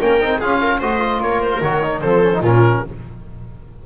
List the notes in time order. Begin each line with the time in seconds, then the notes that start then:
0.00 A#3 C#4 A#4 G5
0.21 C4 D#4
0.39 C#4 F4 G#4 F5
0.62 A#4
0.80 A3 F#4 C5 D#5
1.00 F4
1.20 A#3 A#4 C#5
1.42 C5
1.62 D#3 F#4 C#5
1.83 D#4
2.01 F3 C4 A4 C5
2.23 C#4
2.34 D#4
2.41 A#2 C#4 F4 A#4